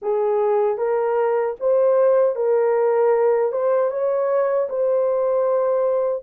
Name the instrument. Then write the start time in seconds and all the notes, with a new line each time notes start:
horn
0.02 G#4
0.77 A#4
1.60 C5
2.35 A#4
3.51 C5
3.90 C#5
4.69 C5